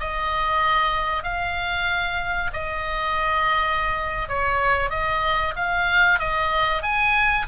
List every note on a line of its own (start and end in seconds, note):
0.00 1.24 D#5
1.24 2.51 F5
2.53 4.29 D#5
4.29 4.90 C#5
4.90 5.54 D#5
5.56 6.19 F5
6.19 6.82 D#5
6.82 7.46 G#5